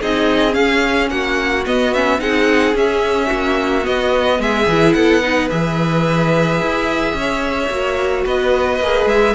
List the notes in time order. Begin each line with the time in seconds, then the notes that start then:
0.00 C4 D#4 G#4 D#5
0.51 C#4 F5
1.09 A#3 F#4 F#5
1.66 B3 D#5
1.93 C#4 E5
2.18 C4 D#4 G#4 F#5
2.74 C#4 E5
3.26 A#3 F#4
3.82 B3 D#5
4.39 G#3 G#4 E5
4.66 E3 E4
4.93 B3 A4 F#5
5.22 D#4 B4
5.49 E3 G#4 E5
6.61 E4
7.13 C#4 C#5
7.69 A#3 F#4
8.24 B3 B4 D#5
8.80 A#3 G#4
9.05 G#3 E5